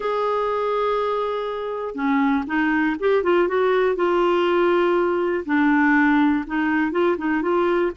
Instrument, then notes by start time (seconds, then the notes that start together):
clarinet
0.00 G#4
1.95 C#4
2.47 D#4
2.99 G4
3.23 F4
3.48 F#4
3.95 F4
5.45 D4
6.46 D#4
6.91 F4
7.17 D#4
7.42 F4